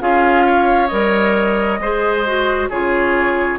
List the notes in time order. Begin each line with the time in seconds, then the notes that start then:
0.00 C#4 F4 G#4 F5
0.46 C#5
0.88 G3 A#4 D#5
1.79 G#3 G#4 C5
2.26 F#4
2.69 C#3 F4 G#4 C#5